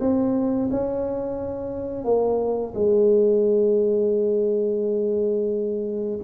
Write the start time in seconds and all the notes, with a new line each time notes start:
0.00 C4
0.71 C#4
2.04 A#3
2.74 G#3